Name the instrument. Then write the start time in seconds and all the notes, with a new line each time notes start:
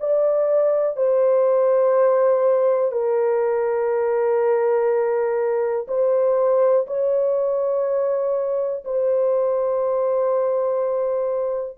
horn
0.00 D5
0.97 C5
2.92 A#4
5.88 C5
6.87 C#5
8.85 C5